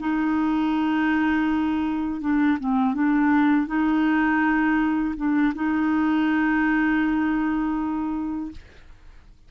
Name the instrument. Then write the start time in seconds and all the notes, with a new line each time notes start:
clarinet
0.00 D#4
2.21 D4
2.60 C4
2.94 D4
3.67 D#4
5.17 D4
5.55 D#4